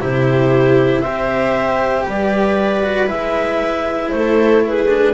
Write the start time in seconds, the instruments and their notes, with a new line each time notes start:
0.00 double bass C3, cello E4, viola G4, clarinet C5
1.00 double bass C4, cello G4, viola C5, clarinet E5
2.05 double bass G3, viola B4, clarinet D5
2.83 cello F#4
3.06 double bass G#3, cello E4, clarinet E5
4.10 double bass A3, viola A4, clarinet C5
4.67 viola G#4, clarinet B4
4.88 cello D4